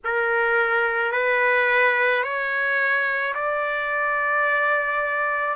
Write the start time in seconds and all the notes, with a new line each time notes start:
0.04 A#4
1.12 B4
2.23 C#5
3.34 D5